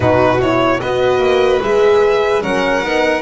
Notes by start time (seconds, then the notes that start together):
0.00 B2 D#4 F#4 B4
0.41 E4 C#5
0.80 B3 F#4 B4 D#5
1.18 A#3
1.62 G#3 G#4 E5
2.42 F#3 C#4 A#4 F#5
2.83 B3 D#4